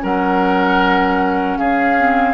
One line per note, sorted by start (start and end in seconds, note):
0.00 1.58 F#3
0.00 1.95 C#4
0.00 1.58 A#4
0.00 1.57 F#5
1.57 2.34 C#4
1.57 2.34 G#4
1.57 2.34 F5
1.97 2.34 C4